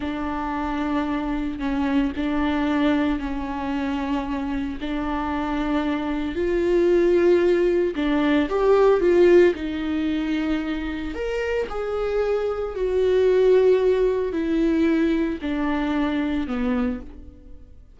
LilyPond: \new Staff \with { instrumentName = "viola" } { \time 4/4 \tempo 4 = 113 d'2. cis'4 | d'2 cis'2~ | cis'4 d'2. | f'2. d'4 |
g'4 f'4 dis'2~ | dis'4 ais'4 gis'2 | fis'2. e'4~ | e'4 d'2 b4 | }